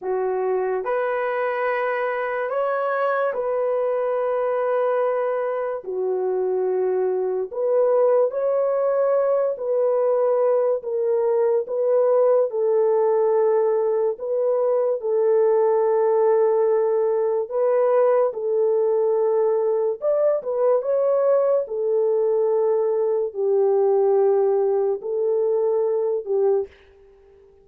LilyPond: \new Staff \with { instrumentName = "horn" } { \time 4/4 \tempo 4 = 72 fis'4 b'2 cis''4 | b'2. fis'4~ | fis'4 b'4 cis''4. b'8~ | b'4 ais'4 b'4 a'4~ |
a'4 b'4 a'2~ | a'4 b'4 a'2 | d''8 b'8 cis''4 a'2 | g'2 a'4. g'8 | }